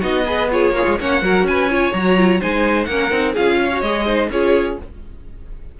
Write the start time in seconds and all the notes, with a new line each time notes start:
0.00 B3 D#4 F#4 D#5
0.25 G#4 B4
0.51 F4 G#4 C#5
0.71 A#3 F4
0.78 G#4
0.88 G#3
1.00 A#3 C#4 C#5 F#5
1.22 F#3 F#4 A#4
1.43 C#4 G#5
1.50 B4
1.70 F4 C#5
1.93 F#3 F#4 A#5
2.17 F4
2.41 G#3 D#4 C5 G#5
2.85 A#3 C#4 A#4 F#5
3.11 C4 D#4
3.34 C#4 F4 G#4 F5
3.64 C#5
3.73 F#4
3.81 G#3 G#4 D#5
4.06 D#4 C5
4.29 C#4 F4 G#4 C#5